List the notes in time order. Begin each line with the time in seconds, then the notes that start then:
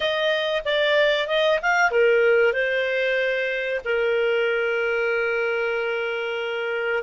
0.00 D#5
0.64 D5
1.27 D#5
1.62 F5
1.91 A#4
2.53 C5
3.84 A#4